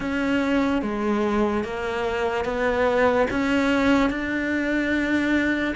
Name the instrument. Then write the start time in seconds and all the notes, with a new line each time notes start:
cello
0.00 C#4
0.82 G#3
1.64 A#3
2.44 B3
3.30 C#4
4.10 D4